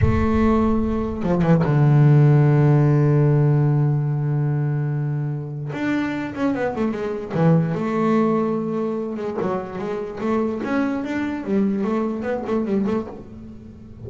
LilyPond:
\new Staff \with { instrumentName = "double bass" } { \time 4/4 \tempo 4 = 147 a2. f8 e8 | d1~ | d1~ | d2 d'4. cis'8 |
b8 a8 gis4 e4 a4~ | a2~ a8 gis8 fis4 | gis4 a4 cis'4 d'4 | g4 a4 b8 a8 g8 a8 | }